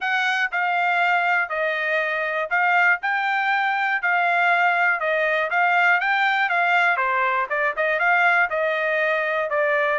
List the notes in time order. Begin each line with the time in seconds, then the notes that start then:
0.00 F#5
0.51 F5
1.49 D#5
2.50 F5
3.02 G5
4.02 F5
5.00 D#5
5.50 F5
6.00 G5
6.49 F5
6.96 C5
7.49 D5
7.76 D#5
7.99 F5
8.50 D#5
9.50 D5